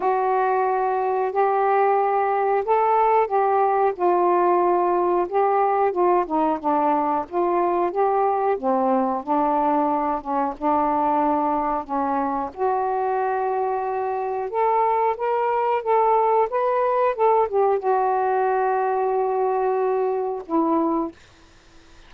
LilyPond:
\new Staff \with { instrumentName = "saxophone" } { \time 4/4 \tempo 4 = 91 fis'2 g'2 | a'4 g'4 f'2 | g'4 f'8 dis'8 d'4 f'4 | g'4 c'4 d'4. cis'8 |
d'2 cis'4 fis'4~ | fis'2 a'4 ais'4 | a'4 b'4 a'8 g'8 fis'4~ | fis'2. e'4 | }